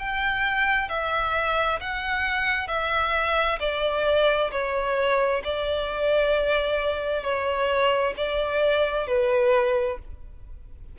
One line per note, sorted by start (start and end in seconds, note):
0.00 0.89 G5
0.89 1.80 E5
1.81 2.68 F#5
2.68 3.59 E5
3.60 4.51 D5
4.52 5.43 C#5
5.45 7.24 D5
7.24 8.14 C#5
8.17 9.08 D5
9.08 9.99 B4